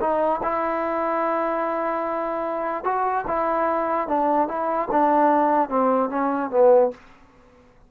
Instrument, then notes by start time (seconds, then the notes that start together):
trombone
0.00 D#4
0.43 E4
2.84 F#4
3.27 E4
4.08 D4
4.48 E4
4.91 D4
5.69 C4
6.09 C#4
6.50 B3